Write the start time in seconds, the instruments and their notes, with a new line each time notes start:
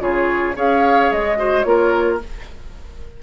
0.00 bassoon C#3, clarinet F4, oboe G#4, flute C#5
0.55 bassoon C#4, clarinet G#4, oboe C#5, flute F5
1.12 bassoon G#3, flute D#5
1.37 clarinet F#4, oboe C5
1.63 bassoon A#3, clarinet F4, oboe A#4, flute C#5